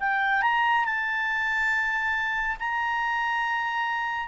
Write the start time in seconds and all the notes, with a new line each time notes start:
0.00 G5
0.42 A#5
0.85 A5
2.59 A#5